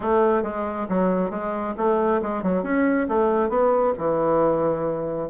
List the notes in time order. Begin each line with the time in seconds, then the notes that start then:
0.00 A3
0.43 G#3
0.88 F#3
1.30 G#3
1.77 A3
2.21 G#3
2.42 F#3
2.63 C#4
3.08 A3
3.49 B3
3.98 E3